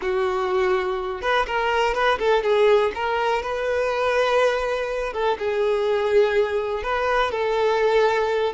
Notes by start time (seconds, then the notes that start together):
0.01 F#4
1.21 B4
1.46 A#4
1.94 B4
2.18 A4
2.43 G#4
2.94 A#4
3.42 B4
5.13 A4
5.38 G#4
6.83 B4
7.31 A4